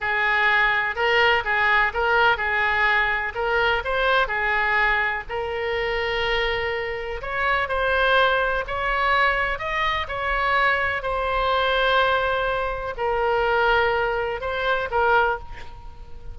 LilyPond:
\new Staff \with { instrumentName = "oboe" } { \time 4/4 \tempo 4 = 125 gis'2 ais'4 gis'4 | ais'4 gis'2 ais'4 | c''4 gis'2 ais'4~ | ais'2. cis''4 |
c''2 cis''2 | dis''4 cis''2 c''4~ | c''2. ais'4~ | ais'2 c''4 ais'4 | }